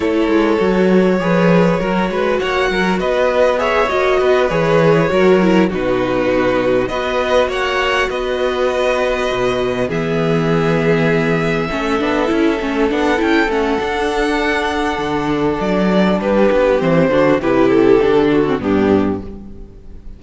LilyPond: <<
  \new Staff \with { instrumentName = "violin" } { \time 4/4 \tempo 4 = 100 cis''1 | fis''4 dis''4 e''8 dis''4 cis''8~ | cis''4. b'2 dis''8~ | dis''8 fis''4 dis''2~ dis''8~ |
dis''8 e''2.~ e''8~ | e''4. fis''8 g''8 fis''4.~ | fis''2 d''4 b'4 | c''4 b'8 a'4. g'4 | }
  \new Staff \with { instrumentName = "violin" } { \time 4/4 a'2 b'4 ais'8 b'8 | cis''8 ais'8 b'4 cis''4 b'4~ | b'8 ais'4 fis'2 b'8~ | b'8 cis''4 b'2~ b'8~ |
b'8 gis'2. a'8~ | a'1~ | a'2. g'4~ | g'8 fis'8 g'4. fis'8 d'4 | }
  \new Staff \with { instrumentName = "viola" } { \time 4/4 e'4 fis'4 gis'4 fis'4~ | fis'2 gis'8 fis'4 gis'8~ | gis'8 fis'8 e'8 dis'2 fis'8~ | fis'1~ |
fis'8 b2. cis'8 | d'8 e'8 cis'8 d'8 e'8 cis'8 d'4~ | d'1 | c'8 d'8 e'4 d'8. c'16 b4 | }
  \new Staff \with { instrumentName = "cello" } { \time 4/4 a8 gis8 fis4 f4 fis8 gis8 | ais8 fis8 b4. ais8 b8 e8~ | e8 fis4 b,2 b8~ | b8 ais4 b2 b,8~ |
b,8 e2. a8 | b8 cis'8 a8 b8 cis'8 a8 d'4~ | d'4 d4 fis4 g8 b8 | e8 d8 c4 d4 g,4 | }
>>